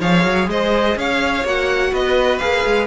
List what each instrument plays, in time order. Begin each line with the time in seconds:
0.00 cello F3, viola G#4, violin C#5 F5
0.24 cello F#3
0.47 cello G#3, violin C5 D#5
0.96 cello C#4, violin C#5 F5
1.44 cello A#3, viola F#4, violin F#5
1.91 cello B3, violin B4 D#5
2.38 cello A#3, viola G#4, violin F5
2.65 cello G#3